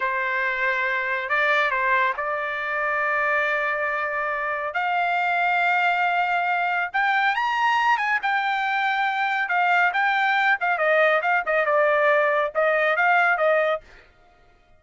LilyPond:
\new Staff \with { instrumentName = "trumpet" } { \time 4/4 \tempo 4 = 139 c''2. d''4 | c''4 d''2.~ | d''2. f''4~ | f''1 |
g''4 ais''4. gis''8 g''4~ | g''2 f''4 g''4~ | g''8 f''8 dis''4 f''8 dis''8 d''4~ | d''4 dis''4 f''4 dis''4 | }